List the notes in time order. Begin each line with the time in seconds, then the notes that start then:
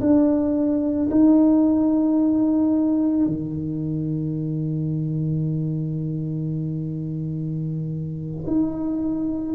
0.00 D4
1.11 D#4
3.26 D#3
8.46 D#4